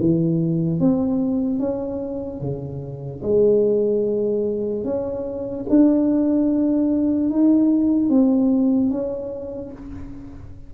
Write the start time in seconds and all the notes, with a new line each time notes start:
0.00 E3
0.80 C4
1.60 C#4
2.41 C#3
3.23 G#3
4.84 C#4
5.70 D4
7.30 D#4
8.10 C4
8.91 C#4